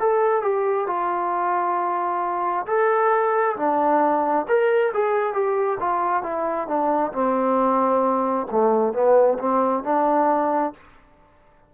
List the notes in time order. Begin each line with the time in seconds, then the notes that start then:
0.00 A4
0.42 G4
0.87 F4
2.66 A4
3.57 D4
4.48 A#4
4.94 G#4
5.33 G4
5.80 F4
6.23 E4
6.68 D4
7.13 C4
8.52 A3
8.93 B3
9.39 C4
9.83 D4